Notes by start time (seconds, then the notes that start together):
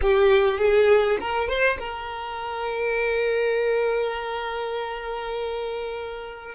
0.01 G4
0.58 G#4
1.20 A#4
1.48 C5
1.79 A#4